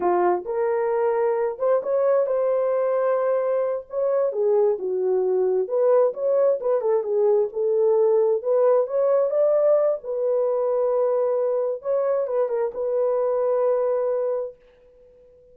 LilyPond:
\new Staff \with { instrumentName = "horn" } { \time 4/4 \tempo 4 = 132 f'4 ais'2~ ais'8 c''8 | cis''4 c''2.~ | c''8 cis''4 gis'4 fis'4.~ | fis'8 b'4 cis''4 b'8 a'8 gis'8~ |
gis'8 a'2 b'4 cis''8~ | cis''8 d''4. b'2~ | b'2 cis''4 b'8 ais'8 | b'1 | }